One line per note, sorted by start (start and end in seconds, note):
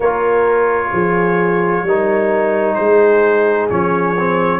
0.00 0.90 A#3
0.00 1.87 F4
0.00 0.91 A#4
0.00 2.74 C#5
0.92 1.82 F3
0.92 1.85 G#4
1.82 2.75 G3
1.82 3.70 D#4
1.82 2.76 A#4
2.74 3.70 G#3
2.74 4.60 G#4
2.74 3.67 C5
3.69 4.60 F3
3.69 4.16 C#4
3.69 4.60 C#5
4.18 4.60 C4